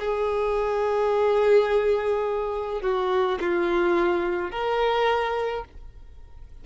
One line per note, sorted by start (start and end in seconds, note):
0.00 2.83 G#4
2.83 3.39 F#4
3.41 4.52 F4
4.52 5.65 A#4